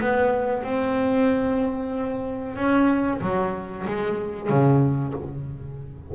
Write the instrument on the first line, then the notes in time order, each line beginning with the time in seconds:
double bass
0.00 B3
0.63 C4
2.56 C#4
3.21 F#3
3.87 G#3
4.49 C#3